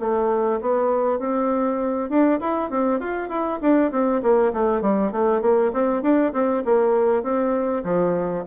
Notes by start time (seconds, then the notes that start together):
0.00 A3
0.61 B3
1.19 C4
2.10 D4
2.40 E4
2.71 C4
3.00 F4
3.29 E4
3.62 D4
3.92 C4
4.23 A#3
4.53 A3
4.82 G3
5.12 A3
5.42 A#3
5.73 C4
6.03 D4
6.34 C4
6.66 A#3
7.23 C4
7.84 F3